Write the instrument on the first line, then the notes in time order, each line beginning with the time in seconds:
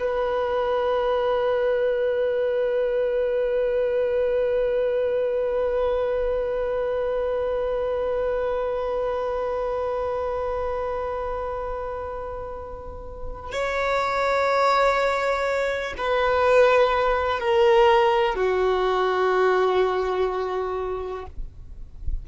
violin
0.00 B4
13.52 C#5
15.98 B4
17.40 A#4
18.36 F#4